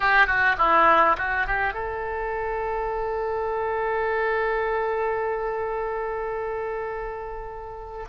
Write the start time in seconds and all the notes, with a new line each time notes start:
0.00 G4
0.26 F#4
0.57 E4
1.17 F#4
1.46 G4
1.73 A4